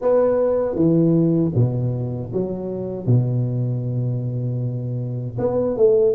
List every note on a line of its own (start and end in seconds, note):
0.01 0.75 B3
0.75 1.52 E3
1.54 2.31 B2
2.33 3.06 F#3
3.06 5.37 B2
5.38 5.76 B3
5.77 6.15 A3